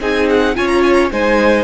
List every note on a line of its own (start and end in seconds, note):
0.00 0.56 C4
0.00 0.55 D#4
0.00 0.55 G#4
0.00 0.28 G#5
0.29 0.56 F#5
0.55 1.11 C#4
0.55 1.10 F4
0.55 1.12 C#5
0.55 0.67 G#5
0.67 0.81 A#5
0.83 0.93 G#5
0.93 1.06 A#5
1.11 1.63 G#3
1.11 1.63 D#4
1.11 1.63 C5
1.11 1.63 G#5